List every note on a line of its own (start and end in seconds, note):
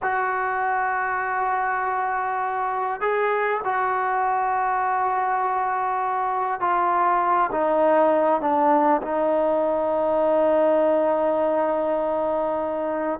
0.02 3.00 F#4
3.00 3.60 G#4
3.64 6.60 F#4
6.60 7.50 F4
7.51 8.41 D#4
8.41 9.01 D4
9.02 13.19 D#4